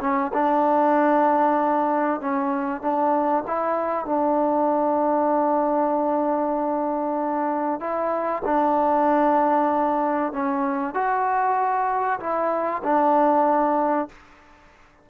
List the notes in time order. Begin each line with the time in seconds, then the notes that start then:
0.00 C#4
0.33 D4
2.20 C#4
2.81 D4
3.47 E4
4.05 D4
7.80 E4
8.45 D4
10.32 C#4
10.94 F#4
12.20 E4
12.83 D4